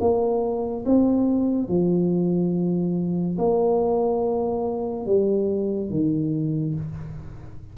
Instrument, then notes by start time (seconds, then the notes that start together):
tuba
0.00 A#3
0.85 C4
1.68 F3
3.38 A#3
5.06 G3
5.90 D#3